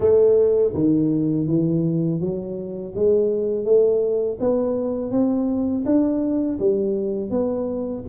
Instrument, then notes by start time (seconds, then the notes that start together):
tuba
0.00 A3
0.74 D#3
1.47 E3
2.20 F#3
2.95 G#3
3.65 A3
4.39 B3
5.11 C4
5.85 D4
6.59 G3
7.30 B3